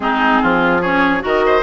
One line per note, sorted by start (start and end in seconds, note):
0.00 0.39 G#3
0.00 0.83 C4
0.00 0.41 D#4
0.00 0.81 G#4
0.41 1.23 F3
0.41 0.81 F4
0.81 1.20 C#4
0.81 1.22 G#4
0.81 1.22 C#5
1.20 1.63 D#3
1.20 1.61 F#4
1.20 1.45 A#4
1.20 1.63 D#5
1.45 1.63 C5